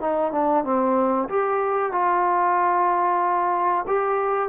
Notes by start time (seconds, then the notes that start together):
0.00 D#4
0.32 D4
0.64 C4
1.28 G4
1.92 F4
3.87 G4